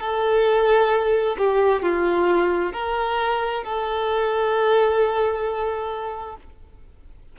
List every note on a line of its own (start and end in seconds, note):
0.00 1.36 A4
1.38 1.83 G4
1.83 2.73 F4
2.73 3.64 A#4
3.64 6.36 A4